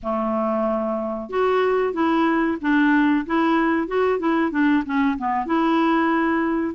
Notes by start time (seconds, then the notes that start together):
0.03 A3
1.29 F#4
1.93 E4
2.61 D4
3.26 E4
3.87 F#4
4.19 E4
4.51 D4
4.85 C#4
5.18 B3
5.46 E4